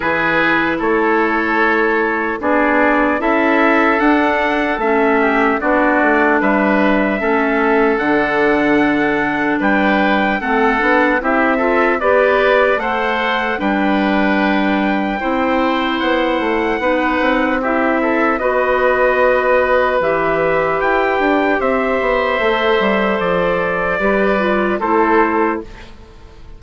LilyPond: <<
  \new Staff \with { instrumentName = "trumpet" } { \time 4/4 \tempo 4 = 75 b'4 cis''2 d''4 | e''4 fis''4 e''4 d''4 | e''2 fis''2 | g''4 fis''4 e''4 d''4 |
fis''4 g''2. | fis''2 e''4 dis''4~ | dis''4 e''4 g''4 e''4~ | e''4 d''2 c''4 | }
  \new Staff \with { instrumentName = "oboe" } { \time 4/4 gis'4 a'2 gis'4 | a'2~ a'8 g'8 fis'4 | b'4 a'2. | b'4 a'4 g'8 a'8 b'4 |
c''4 b'2 c''4~ | c''4 b'4 g'8 a'8 b'4~ | b'2. c''4~ | c''2 b'4 a'4 | }
  \new Staff \with { instrumentName = "clarinet" } { \time 4/4 e'2. d'4 | e'4 d'4 cis'4 d'4~ | d'4 cis'4 d'2~ | d'4 c'8 d'8 e'8 f'8 g'4 |
a'4 d'2 e'4~ | e'4 dis'4 e'4 fis'4~ | fis'4 g'2. | a'2 g'8 f'8 e'4 | }
  \new Staff \with { instrumentName = "bassoon" } { \time 4/4 e4 a2 b4 | cis'4 d'4 a4 b8 a8 | g4 a4 d2 | g4 a8 b8 c'4 b4 |
a4 g2 c'4 | b8 a8 b8 c'4. b4~ | b4 e4 e'8 d'8 c'8 b8 | a8 g8 f4 g4 a4 | }
>>